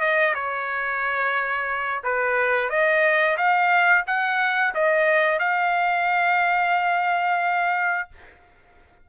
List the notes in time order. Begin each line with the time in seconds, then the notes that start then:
0.00 D#5
0.34 C#5
2.03 B4
2.69 D#5
3.37 F5
4.06 F#5
4.74 D#5
5.39 F5